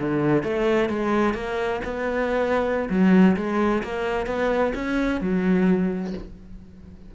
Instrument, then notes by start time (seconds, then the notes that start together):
cello
0.00 D3
0.43 A3
0.90 G#3
1.34 A#3
1.85 B3
2.90 F#3
3.37 G#3
3.84 A#3
4.26 B3
4.75 C#4
5.21 F#3